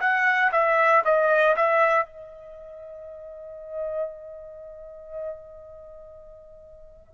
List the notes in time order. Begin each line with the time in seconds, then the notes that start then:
0.00 F#5
0.52 E5
1.04 D#5
1.56 E5
2.06 D#5